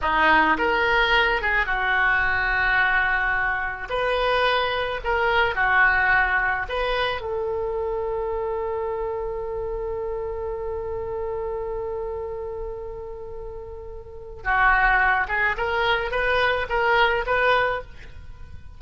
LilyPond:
\new Staff \with { instrumentName = "oboe" } { \time 4/4 \tempo 4 = 108 dis'4 ais'4. gis'8 fis'4~ | fis'2. b'4~ | b'4 ais'4 fis'2 | b'4 a'2.~ |
a'1~ | a'1~ | a'2 fis'4. gis'8 | ais'4 b'4 ais'4 b'4 | }